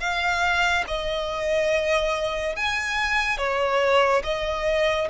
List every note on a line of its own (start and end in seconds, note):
0.00 0.85 F5
0.87 2.56 D#5
2.56 3.38 G#5
3.38 4.23 C#5
4.24 5.08 D#5